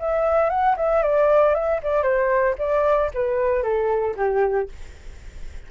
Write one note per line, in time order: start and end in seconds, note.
0.00 0.50 E5
0.50 0.76 F#5
0.77 1.02 E5
1.02 1.55 D5
1.55 1.81 E5
1.83 2.03 D5
2.03 2.55 C5
2.58 3.11 D5
3.14 3.63 B4
3.63 4.15 A4
4.17 4.69 G4